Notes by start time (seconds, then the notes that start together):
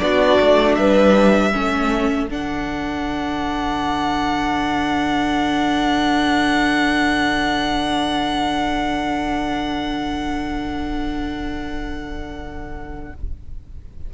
0.00 B3 D4 F#4 D5
0.41 A3
0.75 G3 B4 E5
1.52 C#4 A4
1.59 A3
2.29 D3 D4 F#5